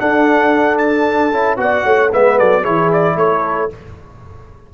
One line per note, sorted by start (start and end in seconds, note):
0.00 1.33 D4
0.00 1.32 D4
0.00 1.60 A4
0.00 0.78 F#5
0.78 1.58 A5
1.32 1.57 C#4
1.32 1.57 E4
1.57 1.84 B3
1.57 2.11 F#4
1.57 1.85 D5
1.57 2.13 F#5
1.85 2.12 A3
1.85 2.12 C#5
2.12 2.40 G#3
2.12 2.64 B3
2.12 2.39 B4
2.12 2.39 E5
2.39 2.67 F#3
2.39 2.62 A4
2.39 2.65 D5
2.62 3.16 E3
2.62 3.70 E4
2.62 3.16 G#4
2.62 2.91 C#5
2.93 3.19 D5
3.16 3.69 A3
3.16 3.74 A4
3.16 3.72 C#5